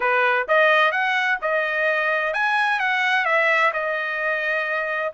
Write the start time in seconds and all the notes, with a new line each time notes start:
0.00 B4
0.48 D#5
0.91 F#5
1.41 D#5
2.33 G#5
2.79 F#5
3.25 E5
3.73 D#5